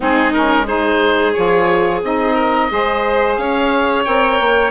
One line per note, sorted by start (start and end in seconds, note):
0.00 1.36 G#3
0.00 0.33 C4
0.00 0.66 D#4
0.00 0.32 G#4
0.32 0.67 C#4
0.32 0.66 A#4
0.66 1.34 D#4
0.66 2.34 G#4
0.66 1.33 C5
1.33 2.02 F3
1.33 2.02 F4
1.33 2.00 C#5
2.02 2.70 C4
2.02 2.70 D#4
2.02 3.36 D#5
2.34 2.68 A#4
2.71 3.37 G#3
2.71 4.05 G#4
2.71 3.39 C5
3.36 4.04 C#4
3.36 4.71 C#5
3.36 4.03 F5
4.04 4.39 C4
4.04 4.71 A#4
4.04 4.71 G5
4.39 4.71 A#3